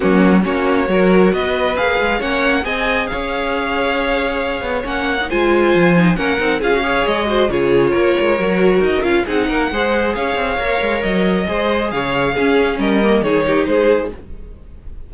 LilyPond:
<<
  \new Staff \with { instrumentName = "violin" } { \time 4/4 \tempo 4 = 136 fis'4 cis''2 dis''4 | f''4 fis''4 gis''4 f''4~ | f''2. fis''4 | gis''2 fis''4 f''4 |
dis''4 cis''2. | dis''8 f''8 fis''2 f''4~ | f''4 dis''2 f''4~ | f''4 dis''4 cis''4 c''4 | }
  \new Staff \with { instrumentName = "violin" } { \time 4/4 cis'4 fis'4 ais'4 b'4~ | b'4 cis''4 dis''4 cis''4~ | cis''1 | c''2 ais'4 gis'8 cis''8~ |
cis''8 c''8 gis'4 ais'2~ | ais'4 gis'8 ais'8 c''4 cis''4~ | cis''2 c''4 cis''4 | gis'4 ais'4 gis'8 g'8 gis'4 | }
  \new Staff \with { instrumentName = "viola" } { \time 4/4 ais4 cis'4 fis'2 | gis'4 cis'4 gis'2~ | gis'2. cis'8. dis'16 | f'4. dis'8 cis'8 dis'8 f'16 fis'16 gis'8~ |
gis'8 fis'8 f'2 fis'4~ | fis'8 f'8 dis'4 gis'2 | ais'2 gis'2 | cis'4. ais8 dis'2 | }
  \new Staff \with { instrumentName = "cello" } { \time 4/4 fis4 ais4 fis4 b4 | ais8 gis8 ais4 c'4 cis'4~ | cis'2~ cis'8 b8 ais4 | gis4 f4 ais8 c'8 cis'4 |
gis4 cis4 ais8 gis8 fis4 | dis'8 cis'8 c'8 ais8 gis4 cis'8 c'8 | ais8 gis8 fis4 gis4 cis4 | cis'4 g4 dis4 gis4 | }
>>